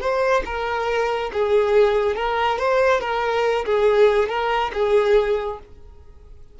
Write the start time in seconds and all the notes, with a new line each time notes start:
0.00 C5
0.45 A#4
1.33 G#4
2.16 A#4
2.58 C5
3.01 A#4
3.65 G#4
4.29 A#4
4.73 G#4